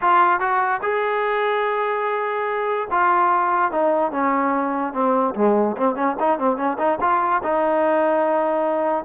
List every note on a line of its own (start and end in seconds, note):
0.01 0.39 F4
0.39 0.81 F#4
0.82 2.88 G#4
2.91 3.71 F4
3.71 4.11 D#4
4.11 4.93 C#4
4.93 5.34 C4
5.35 5.76 G#3
5.76 5.95 C4
5.95 6.16 C#4
6.19 6.38 D#4
6.38 6.56 C4
6.56 6.77 C#4
6.78 6.98 D#4
7.00 7.42 F4
7.43 9.04 D#4